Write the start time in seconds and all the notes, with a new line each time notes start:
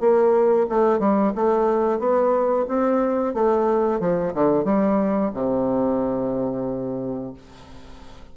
0.00 A#3
0.69 A3
0.99 G3
1.36 A3
1.99 B3
2.68 C4
3.34 A3
4.00 F3
4.34 D3
4.65 G3
5.34 C3